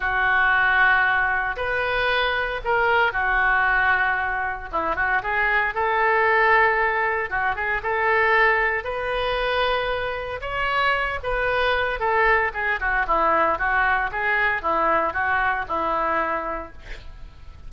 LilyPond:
\new Staff \with { instrumentName = "oboe" } { \time 4/4 \tempo 4 = 115 fis'2. b'4~ | b'4 ais'4 fis'2~ | fis'4 e'8 fis'8 gis'4 a'4~ | a'2 fis'8 gis'8 a'4~ |
a'4 b'2. | cis''4. b'4. a'4 | gis'8 fis'8 e'4 fis'4 gis'4 | e'4 fis'4 e'2 | }